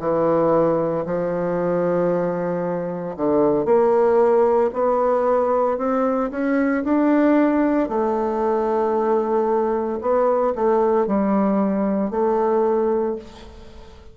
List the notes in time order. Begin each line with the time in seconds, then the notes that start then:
0.00 E3
1.06 F3
3.17 D3
3.66 A#3
4.74 B3
5.78 C4
6.31 C#4
6.85 D4
7.89 A3
10.01 B3
10.56 A3
11.07 G3
12.11 A3